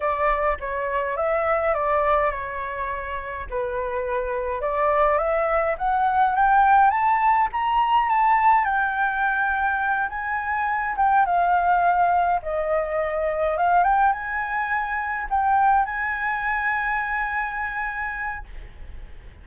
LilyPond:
\new Staff \with { instrumentName = "flute" } { \time 4/4 \tempo 4 = 104 d''4 cis''4 e''4 d''4 | cis''2 b'2 | d''4 e''4 fis''4 g''4 | a''4 ais''4 a''4 g''4~ |
g''4. gis''4. g''8 f''8~ | f''4. dis''2 f''8 | g''8 gis''2 g''4 gis''8~ | gis''1 | }